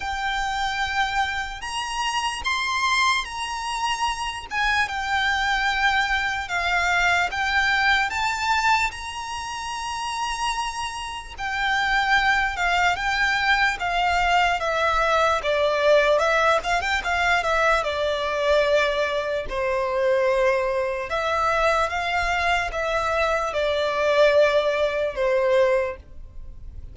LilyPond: \new Staff \with { instrumentName = "violin" } { \time 4/4 \tempo 4 = 74 g''2 ais''4 c'''4 | ais''4. gis''8 g''2 | f''4 g''4 a''4 ais''4~ | ais''2 g''4. f''8 |
g''4 f''4 e''4 d''4 | e''8 f''16 g''16 f''8 e''8 d''2 | c''2 e''4 f''4 | e''4 d''2 c''4 | }